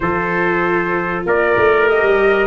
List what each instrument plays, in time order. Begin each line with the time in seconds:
0.00 tuba F3, viola F4, trumpet A4 C5
1.26 tuba A#3, trumpet A#4 D5
1.57 tuba A3
1.87 viola G4, trumpet D#5
2.02 tuba G3